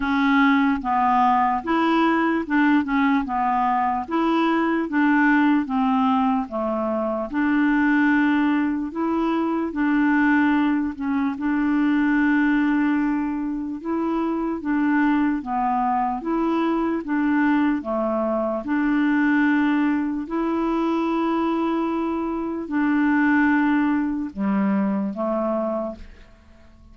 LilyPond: \new Staff \with { instrumentName = "clarinet" } { \time 4/4 \tempo 4 = 74 cis'4 b4 e'4 d'8 cis'8 | b4 e'4 d'4 c'4 | a4 d'2 e'4 | d'4. cis'8 d'2~ |
d'4 e'4 d'4 b4 | e'4 d'4 a4 d'4~ | d'4 e'2. | d'2 g4 a4 | }